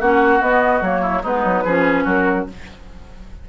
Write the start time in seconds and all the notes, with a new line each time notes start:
0.00 A#3 C#4 F#4 F#5
0.41 B3 D#5
0.81 F#3 A#3 C#5
1.02 E4
1.23 G#3 B3 D#4 B4
1.45 F#3
1.65 F3 C#4 G#4
2.04 F#3 F#4 A#4